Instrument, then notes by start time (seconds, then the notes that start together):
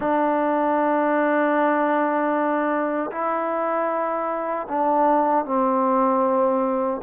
trombone
0.00 D4
3.11 E4
4.68 D4
5.45 C4